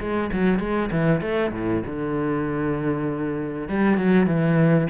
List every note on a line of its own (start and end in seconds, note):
0.00 0.31 G#3
0.32 0.59 F#3
0.59 0.90 G#3
0.91 1.21 E3
1.21 1.52 A3
1.53 1.83 A2
1.86 3.68 D3
3.68 3.97 G3
3.97 4.26 F#3
4.26 4.88 E3